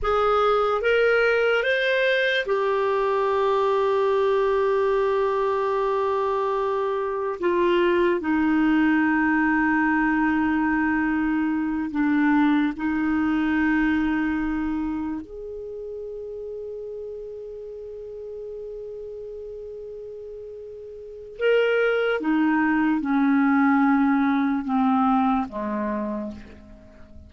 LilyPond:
\new Staff \with { instrumentName = "clarinet" } { \time 4/4 \tempo 4 = 73 gis'4 ais'4 c''4 g'4~ | g'1~ | g'4 f'4 dis'2~ | dis'2~ dis'8 d'4 dis'8~ |
dis'2~ dis'8 gis'4.~ | gis'1~ | gis'2 ais'4 dis'4 | cis'2 c'4 gis4 | }